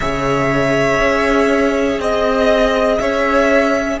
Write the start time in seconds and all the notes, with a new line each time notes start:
0.00 C#3 G#4 C#5 E5
0.99 C#4
1.99 C4 D#5
2.98 C#4 C#5 E5